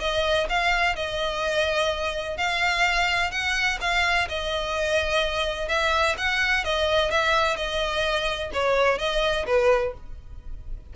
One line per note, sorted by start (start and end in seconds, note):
0.00 0.47 D#5
0.49 0.96 F5
0.96 2.37 D#5
2.37 3.31 F5
3.31 3.79 F#5
3.81 4.28 F5
4.29 5.69 D#5
5.69 6.16 E5
6.18 6.65 F#5
6.65 7.11 D#5
7.11 7.56 E5
7.56 8.51 D#5
8.53 8.98 C#5
8.98 9.46 D#5
9.47 9.94 B4